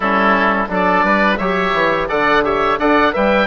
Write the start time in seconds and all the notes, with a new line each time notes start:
0.00 G3 C#4 E4 A4
0.67 F#3 D4 A4
0.74 D5
1.03 G3 B4
1.37 F#3 G4 C#5 E5
1.73 E3
2.08 D3 A4 D5 F#5
2.43 G4 C#5 E5
2.78 D4 A4 D5 F#5
3.12 G3 B4 E5 G5